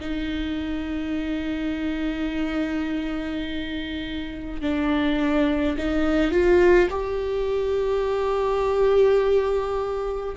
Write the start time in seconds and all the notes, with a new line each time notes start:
0.00 D#4
4.61 D4
5.77 D#4
6.31 F4
6.90 G4